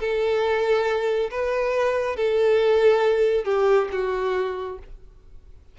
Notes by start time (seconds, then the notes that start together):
0.00 A4
1.31 B4
2.17 A4
3.45 G4
3.92 F#4